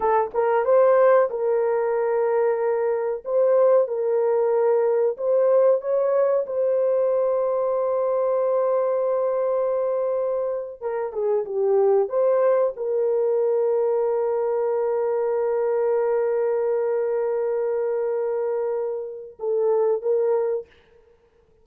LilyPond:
\new Staff \with { instrumentName = "horn" } { \time 4/4 \tempo 4 = 93 a'8 ais'8 c''4 ais'2~ | ais'4 c''4 ais'2 | c''4 cis''4 c''2~ | c''1~ |
c''8. ais'8 gis'8 g'4 c''4 ais'16~ | ais'1~ | ais'1~ | ais'2 a'4 ais'4 | }